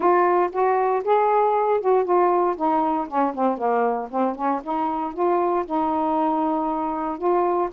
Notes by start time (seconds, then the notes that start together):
0.00 F4
0.52 F#4
1.04 G#4
1.80 F#4
2.04 F4
2.56 D#4
3.08 C#4
3.34 C4
3.57 A#3
4.10 C4
4.35 C#4
4.63 D#4
5.13 F4
5.65 D#4
7.17 F4